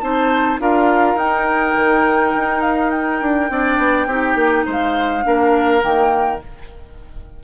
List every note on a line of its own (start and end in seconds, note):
0.00 0.60 C4
0.00 0.59 D#4
0.00 0.61 C5
0.00 0.58 A5
0.59 1.15 D4
0.59 1.17 F4
0.59 3.51 A#4
0.59 1.18 F5
1.15 1.73 D#4
1.15 3.50 D#4
1.15 2.61 G5
1.75 2.33 D#3
2.36 3.22 D#4
2.61 2.90 F5
2.90 4.65 G5
3.22 3.50 D4
3.50 3.78 C4
3.50 4.08 D4
3.50 4.07 D5
3.78 4.06 B3
4.06 4.35 C4
4.06 5.23 D#4
4.06 4.65 G4
4.35 4.64 A#3
4.65 5.25 G#3
4.65 5.24 C5
4.72 5.83 F5
5.23 5.83 A#3
5.23 5.80 D4
5.23 6.44 A#4
5.80 6.42 D#3
5.80 6.39 A#3
5.80 6.41 G5